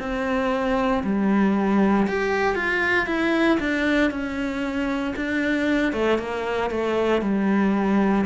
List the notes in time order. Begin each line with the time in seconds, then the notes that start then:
0.00 C4
1.04 G3
2.08 G4
2.55 F4
3.07 E4
3.60 D4
4.11 C#4
5.16 D4
5.93 A3
6.18 A#3
6.71 A3
7.22 G3